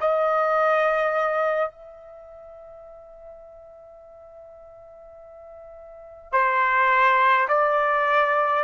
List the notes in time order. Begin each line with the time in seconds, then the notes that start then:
0.00 D#5
1.71 E5
6.32 C5
7.48 D5